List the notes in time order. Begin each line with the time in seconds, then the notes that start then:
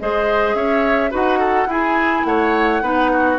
0.00 G#3 G#4 C5 D#5
0.55 C#4 C#5 E5
1.11 D#4 F#4 B4 F#5
1.39 A4
1.67 E4 G#4 G#5
2.25 A3 C#5 F#5
2.82 B3 D#4 B4
3.13 F#4